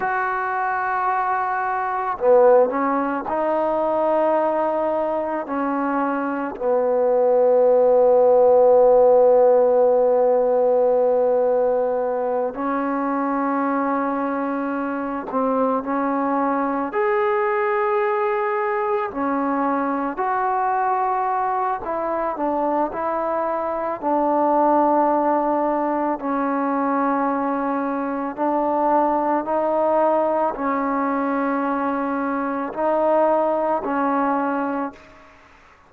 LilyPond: \new Staff \with { instrumentName = "trombone" } { \time 4/4 \tempo 4 = 55 fis'2 b8 cis'8 dis'4~ | dis'4 cis'4 b2~ | b2.~ b8 cis'8~ | cis'2 c'8 cis'4 gis'8~ |
gis'4. cis'4 fis'4. | e'8 d'8 e'4 d'2 | cis'2 d'4 dis'4 | cis'2 dis'4 cis'4 | }